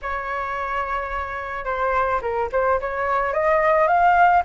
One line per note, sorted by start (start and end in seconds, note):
0.02 1.64 C#5
1.64 2.20 C5
2.21 2.49 A#4
2.52 2.80 C5
2.80 3.33 C#5
3.33 3.87 D#5
3.87 4.43 F5